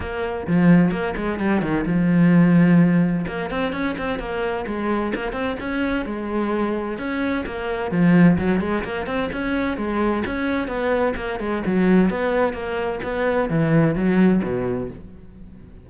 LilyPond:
\new Staff \with { instrumentName = "cello" } { \time 4/4 \tempo 4 = 129 ais4 f4 ais8 gis8 g8 dis8 | f2. ais8 c'8 | cis'8 c'8 ais4 gis4 ais8 c'8 | cis'4 gis2 cis'4 |
ais4 f4 fis8 gis8 ais8 c'8 | cis'4 gis4 cis'4 b4 | ais8 gis8 fis4 b4 ais4 | b4 e4 fis4 b,4 | }